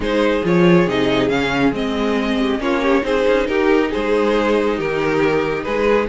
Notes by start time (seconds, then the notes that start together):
0.00 G#3 D#4 G#4 C5
0.44 F3 F4 C#5
0.86 C3 D#4 D#5
1.28 C#3 C#4 F5
1.71 G#3 C4 D#5
2.39 G4
2.58 A#3 C#4 F4 C#5
2.82 G4
3.02 C4 D#4 G#4 C5
3.27 C#4
3.46 D#4 G4 A#4
3.90 G#3 G#4 C5
4.76 D#3 G4 A#4
5.63 G#3 G#4 B4